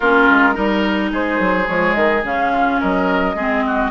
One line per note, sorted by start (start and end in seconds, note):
0.00 0.28 A#3
0.00 0.53 C#4
0.00 0.54 F4
0.00 1.10 A#4
0.29 0.56 G#3
0.53 1.12 G3
0.53 1.65 D#4
0.53 1.10 A#4
1.12 1.39 G#3
1.12 2.52 G#4
1.12 1.68 C5
1.39 1.67 F#3
1.66 1.95 F3
1.66 2.23 G#3
1.66 1.94 C#5
1.94 2.23 D#3
1.94 2.22 D#5
2.23 2.79 C#3
2.23 3.35 C#4
2.23 2.80 F5
2.52 2.79 F4
2.79 3.35 F#3
2.79 3.35 A#4
2.79 3.90 D#5
3.35 3.90 G#3
3.35 3.90 C4
3.35 3.63 G#4
3.66 3.90 F#4